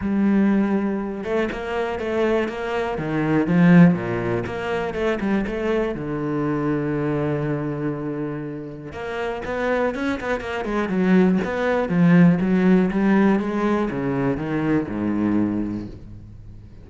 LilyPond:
\new Staff \with { instrumentName = "cello" } { \time 4/4 \tempo 4 = 121 g2~ g8 a8 ais4 | a4 ais4 dis4 f4 | ais,4 ais4 a8 g8 a4 | d1~ |
d2 ais4 b4 | cis'8 b8 ais8 gis8 fis4 b4 | f4 fis4 g4 gis4 | cis4 dis4 gis,2 | }